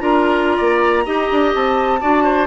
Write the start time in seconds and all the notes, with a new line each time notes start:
0.00 D4 F4 A#4 A#5
0.57 A#3 D5
1.05 D#4 G4 D#5
1.31 D4
1.54 C4 A5
2.01 D4 F#4 D5
2.23 C5